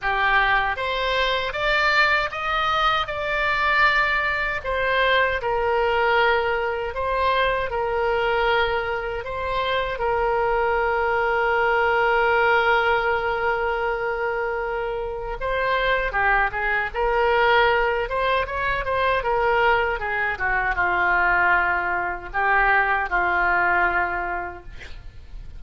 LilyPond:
\new Staff \with { instrumentName = "oboe" } { \time 4/4 \tempo 4 = 78 g'4 c''4 d''4 dis''4 | d''2 c''4 ais'4~ | ais'4 c''4 ais'2 | c''4 ais'2.~ |
ais'1 | c''4 g'8 gis'8 ais'4. c''8 | cis''8 c''8 ais'4 gis'8 fis'8 f'4~ | f'4 g'4 f'2 | }